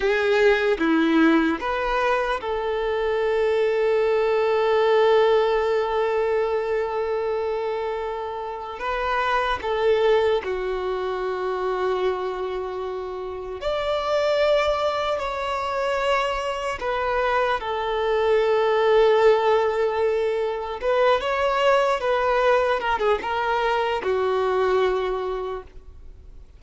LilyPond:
\new Staff \with { instrumentName = "violin" } { \time 4/4 \tempo 4 = 75 gis'4 e'4 b'4 a'4~ | a'1~ | a'2. b'4 | a'4 fis'2.~ |
fis'4 d''2 cis''4~ | cis''4 b'4 a'2~ | a'2 b'8 cis''4 b'8~ | b'8 ais'16 gis'16 ais'4 fis'2 | }